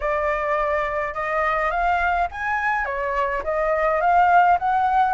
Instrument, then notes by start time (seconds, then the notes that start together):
flute
0.00 D5
1.14 D#5
1.70 F5
2.31 G#5
2.85 C#5
3.43 D#5
4.01 F5
4.58 F#5